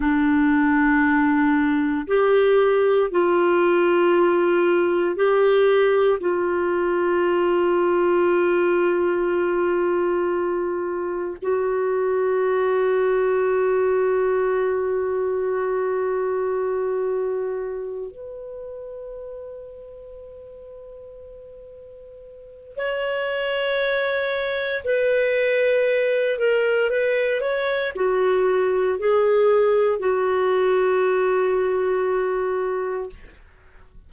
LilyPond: \new Staff \with { instrumentName = "clarinet" } { \time 4/4 \tempo 4 = 58 d'2 g'4 f'4~ | f'4 g'4 f'2~ | f'2. fis'4~ | fis'1~ |
fis'4. b'2~ b'8~ | b'2 cis''2 | b'4. ais'8 b'8 cis''8 fis'4 | gis'4 fis'2. | }